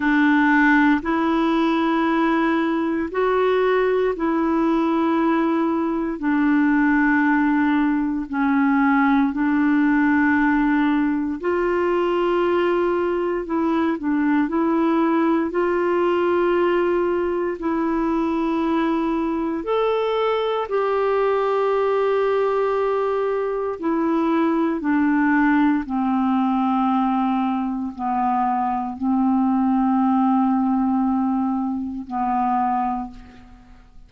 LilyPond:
\new Staff \with { instrumentName = "clarinet" } { \time 4/4 \tempo 4 = 58 d'4 e'2 fis'4 | e'2 d'2 | cis'4 d'2 f'4~ | f'4 e'8 d'8 e'4 f'4~ |
f'4 e'2 a'4 | g'2. e'4 | d'4 c'2 b4 | c'2. b4 | }